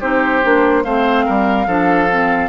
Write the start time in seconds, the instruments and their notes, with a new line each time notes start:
0.00 bassoon C4, clarinet D#4, oboe G4, flute C5
0.43 bassoon A#3, clarinet D4
0.84 bassoon A3, clarinet C4, oboe C5, flute F5
1.25 bassoon G3, oboe A#4
1.66 bassoon F3, clarinet D4, oboe A4
2.11 clarinet C4